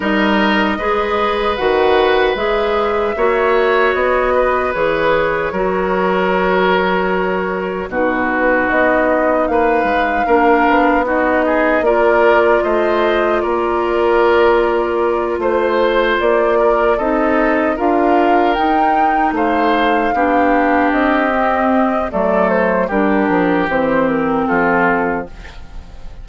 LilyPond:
<<
  \new Staff \with { instrumentName = "flute" } { \time 4/4 \tempo 4 = 76 dis''2 fis''4 e''4~ | e''4 dis''4 cis''2~ | cis''2 b'4 dis''4 | f''2 dis''4 d''4 |
dis''4 d''2~ d''8 c''8~ | c''8 d''4 dis''4 f''4 g''8~ | g''8 f''2 dis''4. | d''8 c''8 ais'4 c''8 ais'8 a'4 | }
  \new Staff \with { instrumentName = "oboe" } { \time 4/4 ais'4 b'2. | cis''4. b'4. ais'4~ | ais'2 fis'2 | b'4 ais'4 fis'8 gis'8 ais'4 |
c''4 ais'2~ ais'8 c''8~ | c''4 ais'8 a'4 ais'4.~ | ais'8 c''4 g'2~ g'8 | a'4 g'2 f'4 | }
  \new Staff \with { instrumentName = "clarinet" } { \time 4/4 dis'4 gis'4 fis'4 gis'4 | fis'2 gis'4 fis'4~ | fis'2 dis'2~ | dis'4 d'4 dis'4 f'4~ |
f'1~ | f'4. dis'4 f'4 dis'8~ | dis'4. d'4. c'4 | a4 d'4 c'2 | }
  \new Staff \with { instrumentName = "bassoon" } { \time 4/4 g4 gis4 dis4 gis4 | ais4 b4 e4 fis4~ | fis2 b,4 b4 | ais8 gis8 ais8 b4. ais4 |
a4 ais2~ ais8 a8~ | a8 ais4 c'4 d'4 dis'8~ | dis'8 a4 b4 c'4. | fis4 g8 f8 e4 f4 | }
>>